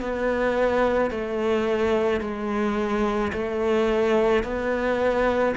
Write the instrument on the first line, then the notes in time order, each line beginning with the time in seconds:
cello
0.00 B3
1.11 A3
2.21 G#3
3.32 A3
4.43 B3